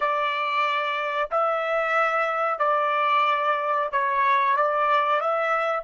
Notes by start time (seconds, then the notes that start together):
0.00 D5
1.30 E5
2.58 D5
3.91 C#5
4.56 D5
5.20 E5